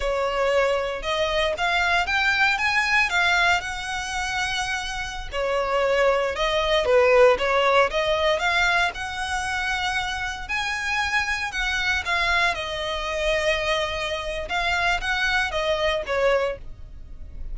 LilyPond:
\new Staff \with { instrumentName = "violin" } { \time 4/4 \tempo 4 = 116 cis''2 dis''4 f''4 | g''4 gis''4 f''4 fis''4~ | fis''2~ fis''16 cis''4.~ cis''16~ | cis''16 dis''4 b'4 cis''4 dis''8.~ |
dis''16 f''4 fis''2~ fis''8.~ | fis''16 gis''2 fis''4 f''8.~ | f''16 dis''2.~ dis''8. | f''4 fis''4 dis''4 cis''4 | }